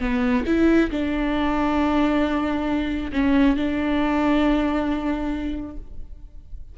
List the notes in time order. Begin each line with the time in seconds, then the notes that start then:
0.00 B3
0.47 E4
0.91 D4
3.13 C#4
3.57 D4